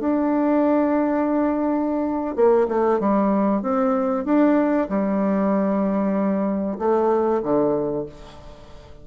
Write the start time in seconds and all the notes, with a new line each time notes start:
0.00 D4
2.36 A#3
2.69 A3
3.00 G3
3.62 C4
4.25 D4
4.89 G3
6.79 A3
7.43 D3